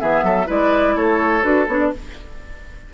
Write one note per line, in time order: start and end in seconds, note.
0.00 0.23 E3
0.00 0.46 B3
0.00 0.24 G#4
0.00 0.48 E5
0.23 0.47 F#3
0.23 0.47 A4
0.46 0.96 G#3
0.46 1.42 E4
0.46 0.95 B4
0.46 0.96 D5
0.96 1.44 A3
0.96 1.93 A4
0.96 1.43 C#5
1.42 1.68 D4
1.42 1.66 F#4
1.42 1.67 B4
1.68 1.92 B3
1.68 1.94 D4
1.68 1.79 C#5
1.79 1.91 D5